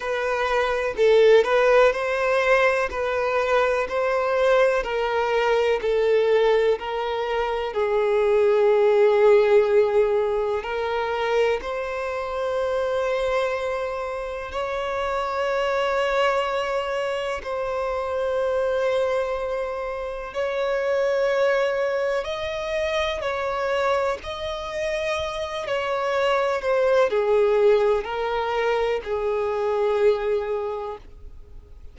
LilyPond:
\new Staff \with { instrumentName = "violin" } { \time 4/4 \tempo 4 = 62 b'4 a'8 b'8 c''4 b'4 | c''4 ais'4 a'4 ais'4 | gis'2. ais'4 | c''2. cis''4~ |
cis''2 c''2~ | c''4 cis''2 dis''4 | cis''4 dis''4. cis''4 c''8 | gis'4 ais'4 gis'2 | }